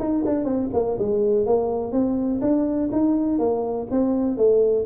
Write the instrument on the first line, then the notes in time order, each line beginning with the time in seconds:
tuba
0.00 D#4
0.26 D4
0.45 C4
0.74 A#3
0.99 G#3
1.46 A#3
1.92 C4
2.41 D4
2.92 D#4
3.39 A#3
3.91 C4
4.38 A3